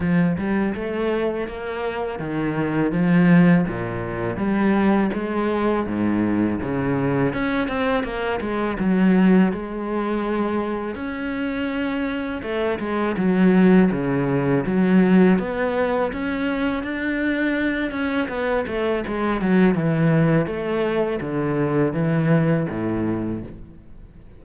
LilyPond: \new Staff \with { instrumentName = "cello" } { \time 4/4 \tempo 4 = 82 f8 g8 a4 ais4 dis4 | f4 ais,4 g4 gis4 | gis,4 cis4 cis'8 c'8 ais8 gis8 | fis4 gis2 cis'4~ |
cis'4 a8 gis8 fis4 cis4 | fis4 b4 cis'4 d'4~ | d'8 cis'8 b8 a8 gis8 fis8 e4 | a4 d4 e4 a,4 | }